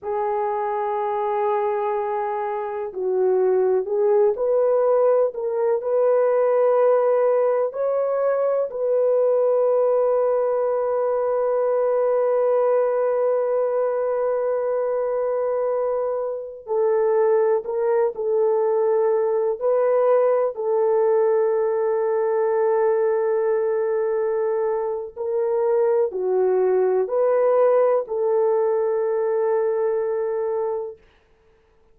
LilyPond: \new Staff \with { instrumentName = "horn" } { \time 4/4 \tempo 4 = 62 gis'2. fis'4 | gis'8 b'4 ais'8 b'2 | cis''4 b'2.~ | b'1~ |
b'4~ b'16 a'4 ais'8 a'4~ a'16~ | a'16 b'4 a'2~ a'8.~ | a'2 ais'4 fis'4 | b'4 a'2. | }